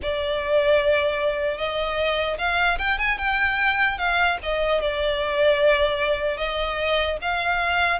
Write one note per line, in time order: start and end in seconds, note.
0.02 1.57 D5
1.57 2.37 D#5
2.38 2.78 F5
2.78 2.98 G5
2.98 3.18 G#5
3.18 3.98 G5
3.98 4.38 F5
4.42 4.81 D#5
4.81 6.37 D5
6.37 7.17 D#5
7.21 7.99 F5